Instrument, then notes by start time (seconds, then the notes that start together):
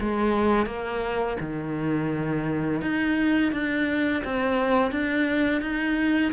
cello
0.00 G#3
0.66 A#3
1.40 D#3
2.81 D#4
3.52 D4
4.24 C4
4.91 D4
5.61 D#4